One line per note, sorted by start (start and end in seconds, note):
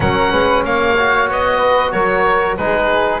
0.00 0.32 F#3
0.00 0.97 C#4
0.00 0.31 A#4
0.00 0.64 F#5
0.31 0.64 G#3
0.31 0.63 B4
0.64 1.28 A#3
0.64 1.58 C#5
0.64 1.29 F5
0.98 2.58 F#4
1.28 1.93 B3
1.28 1.91 D#5
1.58 1.90 B4
1.91 2.57 F#3
1.91 2.57 A#4
1.91 2.56 C#5
2.57 3.20 G#3
2.57 3.20 D#4
2.57 3.20 G#4
2.57 3.20 B4